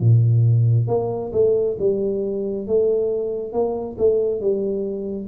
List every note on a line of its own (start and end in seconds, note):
0.00 0.87 A#2
0.87 1.32 A#3
1.33 1.77 A3
1.79 2.67 G3
2.67 3.53 A3
3.53 3.97 A#3
3.98 4.40 A3
4.40 5.27 G3